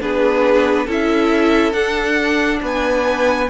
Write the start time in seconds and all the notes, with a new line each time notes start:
0.00 B3 D4 G#4 B4
0.86 C#4 E4 A4 E5
1.72 D4 F#5
2.62 B3 B4 G#5